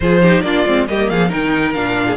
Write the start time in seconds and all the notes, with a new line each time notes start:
0.00 F3 F4 G#4 C5
0.21 D#4 G4
0.41 A#3 D4 F4 D5
0.66 G#3 C4
0.88 G3 A#3 G4 D#5
1.09 F3 G#4 F5
1.28 D#3 D#4 A#4 G5
1.73 A#2 D4 F5
2.06 G#4